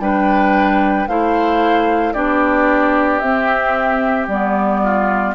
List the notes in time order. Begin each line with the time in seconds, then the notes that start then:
0.00 G3 D4 B4 G5
1.08 A3 E4 C5 F5
2.14 B3 D4 G4 D5
3.20 C4 E5
4.28 G3 B3 D5
4.84 F4